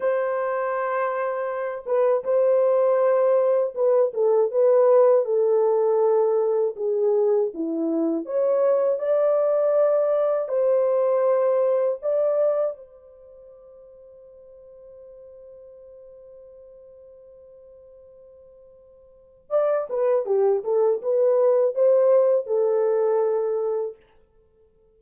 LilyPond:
\new Staff \with { instrumentName = "horn" } { \time 4/4 \tempo 4 = 80 c''2~ c''8 b'8 c''4~ | c''4 b'8 a'8 b'4 a'4~ | a'4 gis'4 e'4 cis''4 | d''2 c''2 |
d''4 c''2.~ | c''1~ | c''2 d''8 b'8 g'8 a'8 | b'4 c''4 a'2 | }